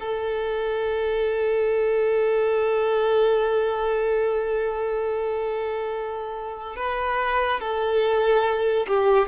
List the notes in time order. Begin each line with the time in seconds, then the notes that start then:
0.00 A4
6.76 B4
7.60 A4
8.87 G4